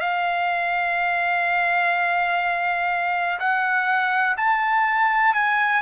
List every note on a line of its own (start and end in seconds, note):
0.00 3.39 F5
3.39 4.35 F#5
4.36 5.33 A5
5.33 5.82 G#5